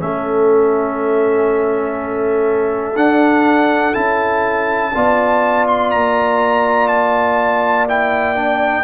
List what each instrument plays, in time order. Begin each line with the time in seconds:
0.00 tuba A3, trombone C#4, horn A4, trumpet E5
2.96 tuba D4, trombone D4, trumpet F#5
3.94 tuba C#4, trombone E4, trumpet A5
4.94 tuba B3, trombone F4, horn D5
5.68 trumpet C6
5.91 tuba A#3, trumpet A#5
6.88 trumpet A5
7.89 trombone E4, trumpet G5
8.36 trombone D4